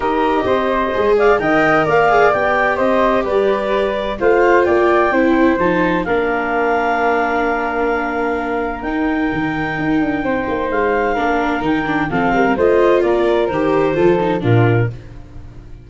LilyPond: <<
  \new Staff \with { instrumentName = "clarinet" } { \time 4/4 \tempo 4 = 129 dis''2~ dis''8 f''8 g''4 | f''4 g''4 dis''4 d''4~ | d''4 f''4 g''2 | a''4 f''2.~ |
f''2. g''4~ | g''2. f''4~ | f''4 g''4 f''4 dis''4 | d''4 c''2 ais'4 | }
  \new Staff \with { instrumentName = "flute" } { \time 4/4 ais'4 c''4. d''8 dis''4 | d''2 c''4 b'4~ | b'4 c''4 d''4 c''4~ | c''4 ais'2.~ |
ais'1~ | ais'2 c''2 | ais'2 a'8 ais'8 c''4 | ais'2 a'4 f'4 | }
  \new Staff \with { instrumentName = "viola" } { \time 4/4 g'2 gis'4 ais'4~ | ais'8 gis'8 g'2.~ | g'4 f'2 e'4 | dis'4 d'2.~ |
d'2. dis'4~ | dis'1 | d'4 dis'8 d'8 c'4 f'4~ | f'4 g'4 f'8 dis'8 d'4 | }
  \new Staff \with { instrumentName = "tuba" } { \time 4/4 dis'4 c'4 gis4 dis4 | ais4 b4 c'4 g4~ | g4 a4 ais4 c'4 | f4 ais2.~ |
ais2. dis'4 | dis4 dis'8 d'8 c'8 ais8 gis4 | ais4 dis4 f8 g8 a4 | ais4 dis4 f4 ais,4 | }
>>